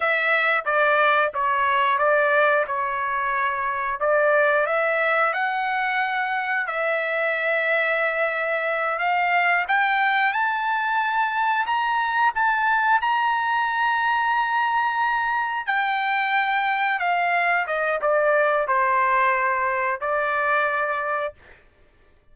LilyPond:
\new Staff \with { instrumentName = "trumpet" } { \time 4/4 \tempo 4 = 90 e''4 d''4 cis''4 d''4 | cis''2 d''4 e''4 | fis''2 e''2~ | e''4. f''4 g''4 a''8~ |
a''4. ais''4 a''4 ais''8~ | ais''2.~ ais''8 g''8~ | g''4. f''4 dis''8 d''4 | c''2 d''2 | }